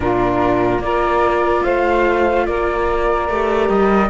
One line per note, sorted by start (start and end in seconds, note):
0.00 0.78 A#2
0.00 0.80 D4
0.00 0.83 F4
0.00 0.81 A#4
0.78 1.60 A#3
0.78 3.30 F4
0.78 1.64 A#4
0.78 1.63 D5
1.63 2.47 A3
1.63 2.46 C5
1.63 2.46 F5
2.46 3.28 A#3
2.46 4.10 A#4
2.46 3.69 D5
3.28 3.69 A3
3.28 4.10 G4
3.69 4.10 G3
3.69 4.10 D#5